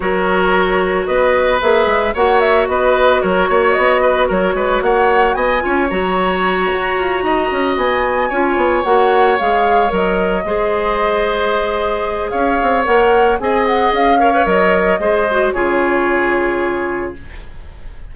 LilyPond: <<
  \new Staff \with { instrumentName = "flute" } { \time 4/4 \tempo 4 = 112 cis''2 dis''4 e''4 | fis''8 e''8 dis''4 cis''4 dis''4 | cis''4 fis''4 gis''4 ais''4~ | ais''2~ ais''8 gis''4.~ |
gis''8 fis''4 f''4 dis''4.~ | dis''2. f''4 | fis''4 gis''8 fis''8 f''4 dis''4~ | dis''4 cis''2. | }
  \new Staff \with { instrumentName = "oboe" } { \time 4/4 ais'2 b'2 | cis''4 b'4 ais'8 cis''4 b'8 | ais'8 b'8 cis''4 dis''8 cis''4.~ | cis''4. dis''2 cis''8~ |
cis''2.~ cis''8 c''8~ | c''2. cis''4~ | cis''4 dis''4. cis''4. | c''4 gis'2. | }
  \new Staff \with { instrumentName = "clarinet" } { \time 4/4 fis'2. gis'4 | fis'1~ | fis'2~ fis'8 f'8 fis'4~ | fis'2.~ fis'8 f'8~ |
f'8 fis'4 gis'4 ais'4 gis'8~ | gis'1 | ais'4 gis'4. ais'16 b'16 ais'4 | gis'8 fis'8 f'2. | }
  \new Staff \with { instrumentName = "bassoon" } { \time 4/4 fis2 b4 ais8 gis8 | ais4 b4 fis8 ais8 b4 | fis8 gis8 ais4 b8 cis'8 fis4~ | fis8 fis'8 f'8 dis'8 cis'8 b4 cis'8 |
b8 ais4 gis4 fis4 gis8~ | gis2. cis'8 c'8 | ais4 c'4 cis'4 fis4 | gis4 cis2. | }
>>